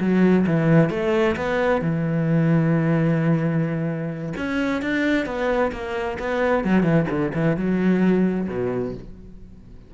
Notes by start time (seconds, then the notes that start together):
0.00 F#3
0.47 E3
0.90 A3
1.36 B3
1.81 E3
4.37 C#4
4.82 D4
5.25 B3
5.72 A#3
6.19 B3
6.64 F#3
6.83 E3
7.10 D3
7.34 E3
7.57 F#3
8.48 B2